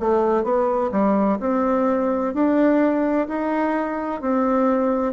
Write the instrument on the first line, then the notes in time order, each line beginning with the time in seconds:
bassoon
0.00 A3
0.43 B3
0.92 G3
1.40 C4
2.34 D4
3.28 D#4
4.21 C4